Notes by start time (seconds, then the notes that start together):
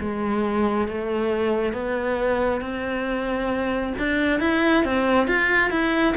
0.00 G#3
0.87 A3
1.72 B3
2.61 C4
3.99 D4
4.40 E4
4.84 C4
5.27 F4
5.70 E4